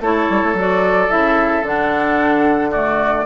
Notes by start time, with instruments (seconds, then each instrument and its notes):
0.00 bassoon A3, clarinet E4, oboe A4, flute C#5
0.29 bassoon G3
0.43 bassoon A3
0.54 bassoon F#3, clarinet F#4, flute D5
1.09 bassoon C#3, clarinet E4, flute E5
1.62 bassoon D3, clarinet D4, flute F#5
2.70 clarinet A3, oboe F#4, flute D5